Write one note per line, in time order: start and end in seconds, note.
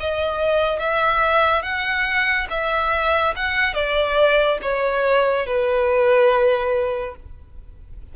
0.00 0.79 D#5
0.79 1.62 E5
1.62 2.47 F#5
2.50 3.34 E5
3.36 3.74 F#5
3.74 4.58 D5
4.62 5.46 C#5
5.46 7.15 B4